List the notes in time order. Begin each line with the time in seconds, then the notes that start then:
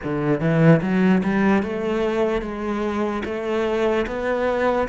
0.03 D3
0.40 E3
0.81 F#3
1.23 G3
1.62 A3
2.41 G#3
3.24 A3
4.07 B3